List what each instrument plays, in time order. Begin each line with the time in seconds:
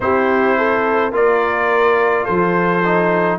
0.00 tuba C4, trombone E4, horn G4, trumpet C5
0.57 horn A4
1.12 tuba A#3, trombone F4, horn A#4, trumpet D5
2.24 tuba F3, horn A4, trumpet C5
2.84 trombone D#4